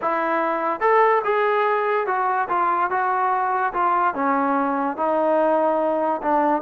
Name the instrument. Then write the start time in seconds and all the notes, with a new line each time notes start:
trombone
0.01 E4
0.80 A4
1.24 G#4
2.06 F#4
2.48 F4
2.90 F#4
3.73 F4
4.14 C#4
4.97 D#4
6.21 D4